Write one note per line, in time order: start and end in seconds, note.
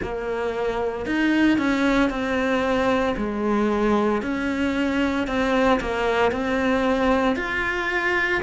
0.02 1.05 A#3
1.05 1.57 D#4
1.57 2.10 C#4
2.10 3.15 C4
3.16 4.22 G#3
4.22 5.27 C#4
5.27 5.79 C4
5.80 6.31 A#3
6.31 7.36 C4
7.36 8.41 F4